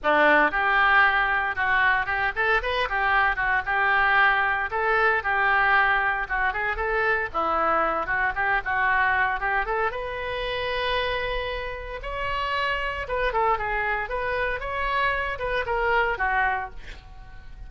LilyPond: \new Staff \with { instrumentName = "oboe" } { \time 4/4 \tempo 4 = 115 d'4 g'2 fis'4 | g'8 a'8 b'8 g'4 fis'8 g'4~ | g'4 a'4 g'2 | fis'8 gis'8 a'4 e'4. fis'8 |
g'8 fis'4. g'8 a'8 b'4~ | b'2. cis''4~ | cis''4 b'8 a'8 gis'4 b'4 | cis''4. b'8 ais'4 fis'4 | }